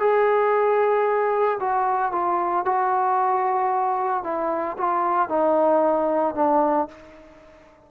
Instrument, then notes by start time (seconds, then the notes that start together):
trombone
0.00 G#4
1.61 F#4
2.13 F4
2.65 F#4
4.24 E4
4.78 F4
5.29 D#4
6.35 D4